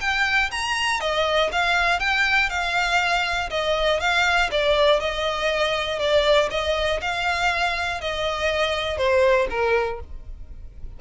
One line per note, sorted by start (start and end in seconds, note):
0.00 0.50 G5
0.51 1.00 A#5
1.00 1.50 D#5
1.52 1.99 F5
1.99 2.49 G5
2.49 3.49 F5
3.50 4.00 D#5
4.00 4.50 F5
4.51 5.00 D5
5.00 5.99 D#5
5.99 6.49 D5
6.50 7.00 D#5
7.01 8.00 F5
8.00 8.97 D#5
8.97 9.47 C5
9.50 10.00 A#4